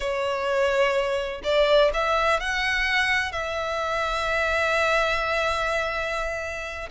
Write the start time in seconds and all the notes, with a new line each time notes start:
0.00 C#5
1.43 D5
1.93 E5
2.39 F#5
3.32 E5